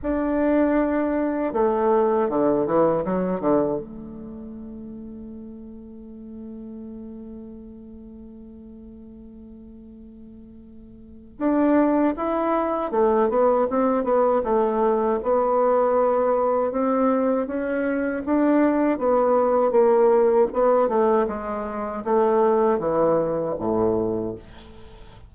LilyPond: \new Staff \with { instrumentName = "bassoon" } { \time 4/4 \tempo 4 = 79 d'2 a4 d8 e8 | fis8 d8 a2.~ | a1~ | a2. d'4 |
e'4 a8 b8 c'8 b8 a4 | b2 c'4 cis'4 | d'4 b4 ais4 b8 a8 | gis4 a4 e4 a,4 | }